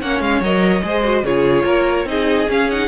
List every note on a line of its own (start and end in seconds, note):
0.00 0.20 A#3
0.00 0.44 C#4
0.00 0.83 C#5
0.00 0.21 F#5
0.20 0.41 G#3
0.20 0.42 F5
0.41 0.82 F#3
0.41 0.82 A#4
0.41 1.25 D#5
0.82 1.23 G#3
0.82 1.03 G#4
0.82 1.24 C5
1.03 1.24 F#4
1.23 1.64 C#3
1.23 2.06 F4
1.23 1.64 G#4
1.23 2.08 C#5
1.64 2.05 A#3
1.64 2.06 A#4
2.05 2.46 C4
2.05 2.47 D#4
2.05 2.87 G#4
2.05 2.49 D#5
2.48 2.69 C#4
2.48 2.87 C#4
2.48 2.71 F5
2.71 2.87 D#4
2.71 2.87 F#5